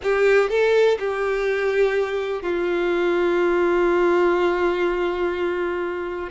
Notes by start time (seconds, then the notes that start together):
0.02 G4
0.49 A4
0.99 G4
2.42 F4